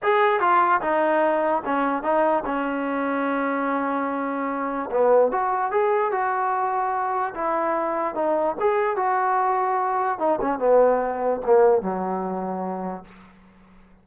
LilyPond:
\new Staff \with { instrumentName = "trombone" } { \time 4/4 \tempo 4 = 147 gis'4 f'4 dis'2 | cis'4 dis'4 cis'2~ | cis'1 | b4 fis'4 gis'4 fis'4~ |
fis'2 e'2 | dis'4 gis'4 fis'2~ | fis'4 dis'8 cis'8 b2 | ais4 fis2. | }